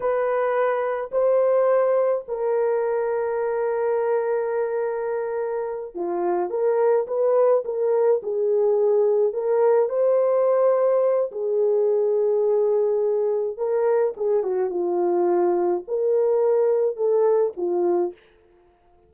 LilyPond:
\new Staff \with { instrumentName = "horn" } { \time 4/4 \tempo 4 = 106 b'2 c''2 | ais'1~ | ais'2~ ais'8 f'4 ais'8~ | ais'8 b'4 ais'4 gis'4.~ |
gis'8 ais'4 c''2~ c''8 | gis'1 | ais'4 gis'8 fis'8 f'2 | ais'2 a'4 f'4 | }